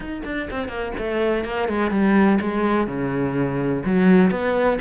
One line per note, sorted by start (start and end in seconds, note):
0.00 0.22 D#4
0.24 0.48 D4
0.50 0.68 C4
0.68 0.92 A#3
0.98 1.44 A3
1.44 1.68 A#3
1.68 1.90 G#3
1.90 2.38 G3
2.40 2.87 G#3
2.87 3.83 C#3
3.85 4.30 F#3
4.30 4.78 B3